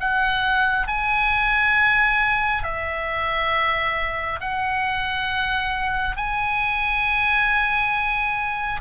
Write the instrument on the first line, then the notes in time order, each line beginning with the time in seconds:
oboe
0.00 F#5
0.87 G#5
2.64 E5
4.40 F#5
6.16 G#5